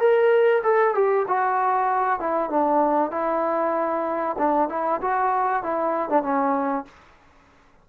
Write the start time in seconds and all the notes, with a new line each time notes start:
0.00 A#4
0.64 A4
0.95 G4
1.28 F#4
2.20 E4
2.50 D4
3.11 E4
4.39 D4
4.70 E4
5.02 F#4
5.63 E4
6.10 D4
6.23 C#4